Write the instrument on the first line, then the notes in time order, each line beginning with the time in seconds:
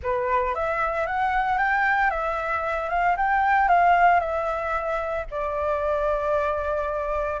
flute
0.02 B4
0.54 E5
1.06 F#5
1.57 G5
2.10 E5
2.89 F5
3.16 G5
3.68 F5
4.20 E5
5.30 D5